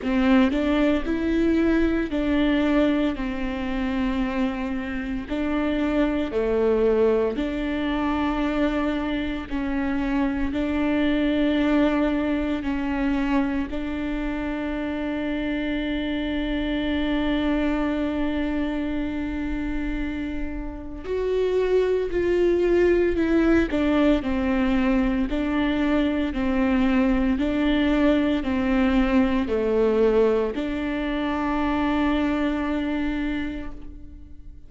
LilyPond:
\new Staff \with { instrumentName = "viola" } { \time 4/4 \tempo 4 = 57 c'8 d'8 e'4 d'4 c'4~ | c'4 d'4 a4 d'4~ | d'4 cis'4 d'2 | cis'4 d'2.~ |
d'1 | fis'4 f'4 e'8 d'8 c'4 | d'4 c'4 d'4 c'4 | a4 d'2. | }